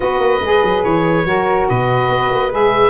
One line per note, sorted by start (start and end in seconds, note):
0.00 0.19 B3
0.00 0.40 F#4
0.00 1.28 B4
0.00 0.83 D#5
0.19 0.40 A#3
0.41 0.62 G#3
0.41 1.24 G#4
0.63 0.84 F#3
0.83 1.24 E3
0.83 1.67 C#5
1.24 1.66 F#3
1.24 2.50 F#4
1.24 1.69 A#4
1.69 2.08 B2
1.69 2.90 B4
1.69 2.52 D#5
2.08 2.29 B3
2.31 2.51 A#3
2.51 2.90 G#3
2.51 2.90 G#4
2.51 2.90 E5